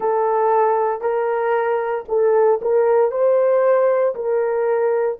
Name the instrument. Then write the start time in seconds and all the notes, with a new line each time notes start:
horn
0.00 A4
1.01 A#4
2.08 A4
2.61 A#4
3.11 C5
4.15 A#4